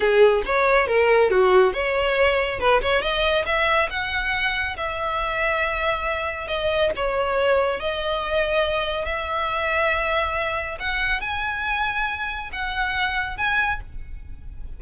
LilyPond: \new Staff \with { instrumentName = "violin" } { \time 4/4 \tempo 4 = 139 gis'4 cis''4 ais'4 fis'4 | cis''2 b'8 cis''8 dis''4 | e''4 fis''2 e''4~ | e''2. dis''4 |
cis''2 dis''2~ | dis''4 e''2.~ | e''4 fis''4 gis''2~ | gis''4 fis''2 gis''4 | }